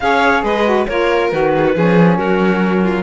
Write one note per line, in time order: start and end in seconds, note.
0.00 0.43 C#4
0.00 0.64 G#4
0.00 0.43 C#5
0.00 0.43 F5
0.43 0.86 G#3
0.43 0.87 B4
0.43 0.87 D#5
0.64 0.86 F#4
0.87 1.32 A#3
0.87 1.31 F4
0.87 1.53 A#4
0.87 1.30 C#5
1.30 1.75 D#3
1.30 1.73 F#4
1.30 2.17 B4
1.56 1.64 G#4
1.64 1.75 F#4
1.73 2.18 F3
1.73 3.03 C#4
1.73 2.18 G#4
2.17 3.03 F#3
2.17 2.83 F#4
2.17 3.03 A#4
2.83 3.03 F4